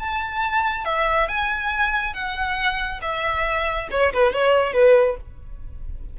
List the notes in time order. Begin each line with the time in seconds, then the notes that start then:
0.00 A5
0.85 E5
1.29 G#5
2.14 F#5
3.02 E5
3.91 C#5
4.14 B4
4.33 C#5
4.74 B4